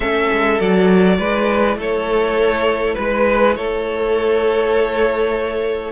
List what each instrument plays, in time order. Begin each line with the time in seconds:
0.00 cello A3, viola C#4, violin A4 E5
0.31 cello G#3
0.59 cello F#3, viola F#4, violin D5
1.18 cello G#3, viola E4, violin B4
1.76 cello A3, violin A4 C#5
2.94 cello G#3, violin B4
3.55 cello A3, violin A4 C#5